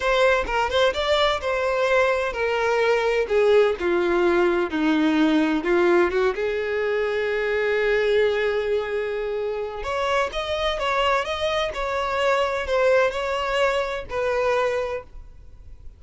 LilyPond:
\new Staff \with { instrumentName = "violin" } { \time 4/4 \tempo 4 = 128 c''4 ais'8 c''8 d''4 c''4~ | c''4 ais'2 gis'4 | f'2 dis'2 | f'4 fis'8 gis'2~ gis'8~ |
gis'1~ | gis'4 cis''4 dis''4 cis''4 | dis''4 cis''2 c''4 | cis''2 b'2 | }